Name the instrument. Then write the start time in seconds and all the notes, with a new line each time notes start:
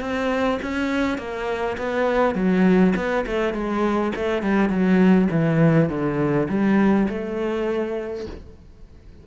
cello
0.00 C4
0.61 C#4
1.18 A#3
1.77 B3
2.34 F#3
2.95 B3
3.26 A3
3.53 G#3
4.15 A3
4.42 G3
4.69 F#3
5.30 E3
5.89 D3
6.48 G3
7.08 A3